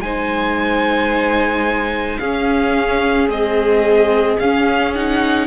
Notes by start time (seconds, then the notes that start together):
0.00 G#3 D#4 C5 G#5
2.19 C#4 G#4 F5
3.29 G#3 C4 D#5
4.40 C#4 F5
4.95 D#4 F#5